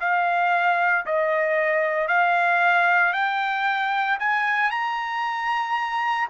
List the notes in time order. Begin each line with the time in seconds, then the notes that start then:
0.00 F5
1.05 D#5
2.08 F5
3.13 G5
4.19 G#5
4.71 A#5